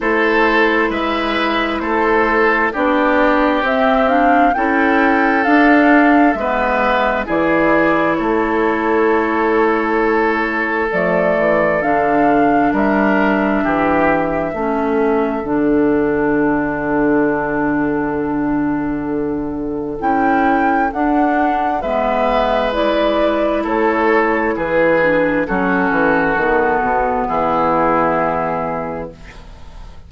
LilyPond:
<<
  \new Staff \with { instrumentName = "flute" } { \time 4/4 \tempo 4 = 66 c''4 e''4 c''4 d''4 | e''8 f''8 g''4 f''4 e''4 | d''4 cis''2. | d''4 f''4 e''2~ |
e''4 fis''2.~ | fis''2 g''4 fis''4 | e''4 d''4 cis''4 b'4 | a'2 gis'2 | }
  \new Staff \with { instrumentName = "oboe" } { \time 4/4 a'4 b'4 a'4 g'4~ | g'4 a'2 b'4 | gis'4 a'2.~ | a'2 ais'4 g'4 |
a'1~ | a'1 | b'2 a'4 gis'4 | fis'2 e'2 | }
  \new Staff \with { instrumentName = "clarinet" } { \time 4/4 e'2. d'4 | c'8 d'8 e'4 d'4 b4 | e'1 | a4 d'2. |
cis'4 d'2.~ | d'2 e'4 d'4 | b4 e'2~ e'8 d'8 | cis'4 b2. | }
  \new Staff \with { instrumentName = "bassoon" } { \time 4/4 a4 gis4 a4 b4 | c'4 cis'4 d'4 gis4 | e4 a2. | f8 e8 d4 g4 e4 |
a4 d2.~ | d2 cis'4 d'4 | gis2 a4 e4 | fis8 e8 dis8 b,8 e2 | }
>>